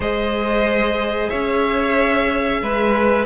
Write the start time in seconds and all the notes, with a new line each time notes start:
0.00 G#3 G#4 C5 D#5
1.29 C#4 C#5 E5
2.62 G#3 B4